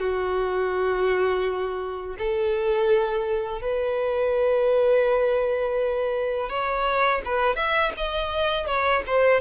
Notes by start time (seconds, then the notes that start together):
0.00 F#4
2.19 A4
3.62 B4
6.50 C#5
7.26 B4
7.56 E5
7.97 D#5
8.67 C#5
9.07 C5